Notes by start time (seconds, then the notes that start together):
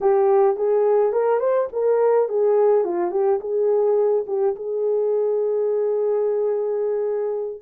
0.01 G4
0.56 G#4
1.12 A#4
1.39 C5
1.72 A#4
2.28 G#4
2.84 F4
3.11 G4
3.40 G#4
4.27 G4
4.55 G#4